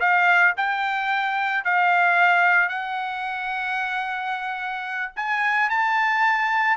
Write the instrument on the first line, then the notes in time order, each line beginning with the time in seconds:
trumpet
0.00 F5
0.57 G5
1.64 F5
2.69 F#5
5.16 G#5
5.70 A5